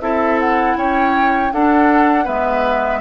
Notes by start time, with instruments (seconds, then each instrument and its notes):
0.00 bassoon C4, clarinet E4, oboe A4, flute E5
0.39 flute F#5
0.75 bassoon C#4, oboe C#5, flute G5
1.52 bassoon D4, clarinet D4, oboe A4, flute F#5
2.24 bassoon G#3, clarinet B3, oboe B4, flute E5